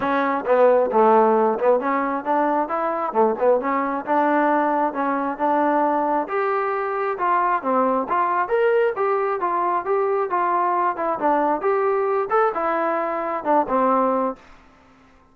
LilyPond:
\new Staff \with { instrumentName = "trombone" } { \time 4/4 \tempo 4 = 134 cis'4 b4 a4. b8 | cis'4 d'4 e'4 a8 b8 | cis'4 d'2 cis'4 | d'2 g'2 |
f'4 c'4 f'4 ais'4 | g'4 f'4 g'4 f'4~ | f'8 e'8 d'4 g'4. a'8 | e'2 d'8 c'4. | }